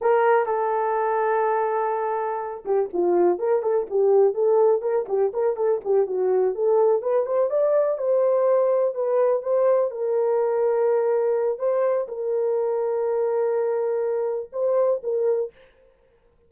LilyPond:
\new Staff \with { instrumentName = "horn" } { \time 4/4 \tempo 4 = 124 ais'4 a'2.~ | a'4. g'8 f'4 ais'8 a'8 | g'4 a'4 ais'8 g'8 ais'8 a'8 | g'8 fis'4 a'4 b'8 c''8 d''8~ |
d''8 c''2 b'4 c''8~ | c''8 ais'2.~ ais'8 | c''4 ais'2.~ | ais'2 c''4 ais'4 | }